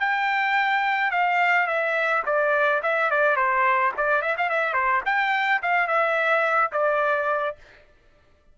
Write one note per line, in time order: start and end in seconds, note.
0.00 1.11 G5
1.11 1.67 F5
1.67 2.23 E5
2.26 2.82 D5
2.82 3.10 E5
3.10 3.36 D5
3.36 3.92 C5
3.97 4.22 D5
4.22 4.36 E5
4.37 4.49 F5
4.49 4.74 E5
4.74 5.02 C5
5.05 5.62 G5
5.62 5.87 F5
5.87 6.71 E5
6.72 7.56 D5